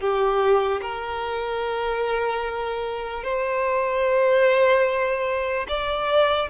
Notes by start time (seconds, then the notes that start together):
0.00 G4
0.81 A#4
3.24 C5
5.69 D5